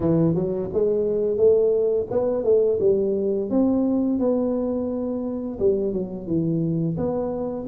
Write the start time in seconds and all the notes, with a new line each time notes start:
0.00 E3
0.35 F#3
0.73 G#3
1.37 A3
2.10 B3
2.44 A3
2.80 G3
3.49 C4
4.19 B3
5.59 G3
5.92 F#3
6.26 E3
6.97 B3